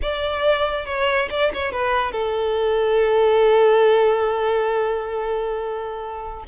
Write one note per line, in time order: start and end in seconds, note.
0.02 0.85 D5
0.85 1.28 C#5
1.30 1.51 D5
1.53 1.72 C#5
1.72 2.12 B4
2.12 6.43 A4